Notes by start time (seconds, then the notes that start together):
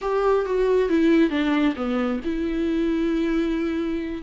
0.01 G4
0.45 F#4
0.89 E4
1.29 D4
1.76 B3
2.24 E4